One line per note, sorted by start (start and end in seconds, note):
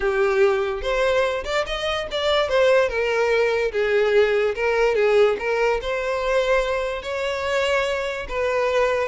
0.00 0.82 G4
0.82 1.44 C5
1.44 1.65 D5
1.66 2.07 D#5
2.11 2.48 D5
2.48 2.89 C5
2.89 3.71 A#4
3.72 4.54 G#4
4.55 4.95 A#4
4.95 5.36 G#4
5.39 5.80 A#4
5.81 7.02 C5
7.02 8.26 C#5
8.28 9.08 B4